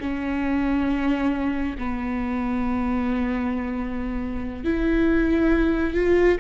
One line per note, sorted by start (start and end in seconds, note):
0.00 1.76 C#4
1.78 4.64 B3
4.64 5.94 E4
5.94 6.38 F4